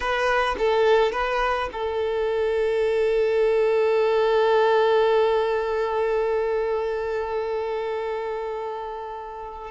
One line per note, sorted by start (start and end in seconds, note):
0.00 0.55 B4
0.58 1.11 A4
1.11 1.69 B4
1.72 9.70 A4